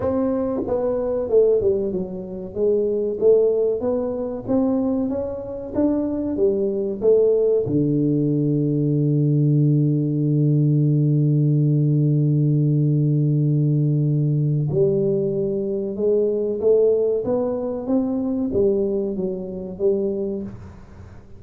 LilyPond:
\new Staff \with { instrumentName = "tuba" } { \time 4/4 \tempo 4 = 94 c'4 b4 a8 g8 fis4 | gis4 a4 b4 c'4 | cis'4 d'4 g4 a4 | d1~ |
d1~ | d2. g4~ | g4 gis4 a4 b4 | c'4 g4 fis4 g4 | }